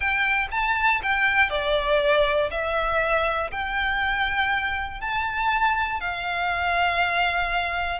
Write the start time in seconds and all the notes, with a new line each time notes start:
0.00 G5
0.51 A5
1.02 G5
1.50 D5
2.50 E5
3.51 G5
5.00 A5
6.00 F5